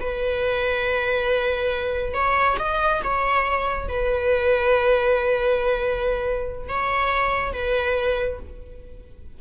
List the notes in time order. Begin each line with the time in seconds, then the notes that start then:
0.00 B4
2.13 C#5
2.59 D#5
3.04 C#5
3.88 B4
6.69 C#5
7.53 B4